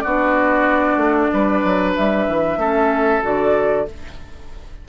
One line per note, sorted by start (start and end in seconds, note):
0.00 0.97 B3
0.00 2.60 D4
0.00 1.32 F#4
0.00 1.91 D5
0.97 1.29 A3
1.34 1.65 G3
1.34 2.60 B4
1.65 1.97 F#3
1.97 2.28 G3
1.97 3.24 E5
2.28 2.57 E3
2.57 3.21 A3
2.57 3.22 C#4
2.57 3.87 A4
3.22 3.89 D3
3.22 3.86 F#4
3.22 3.89 D5